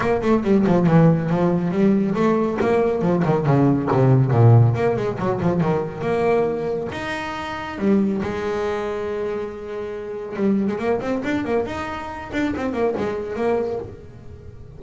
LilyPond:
\new Staff \with { instrumentName = "double bass" } { \time 4/4 \tempo 4 = 139 ais8 a8 g8 f8 e4 f4 | g4 a4 ais4 f8 dis8 | cis4 c4 ais,4 ais8 gis8 | fis8 f8 dis4 ais2 |
dis'2 g4 gis4~ | gis1 | g8. gis16 ais8 c'8 d'8 ais8 dis'4~ | dis'8 d'8 c'8 ais8 gis4 ais4 | }